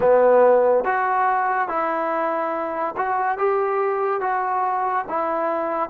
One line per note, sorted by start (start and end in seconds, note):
0.00 0.84 B3
0.84 1.68 F#4
1.68 2.95 E4
2.97 3.38 F#4
3.38 4.20 G4
4.20 5.05 F#4
5.09 5.89 E4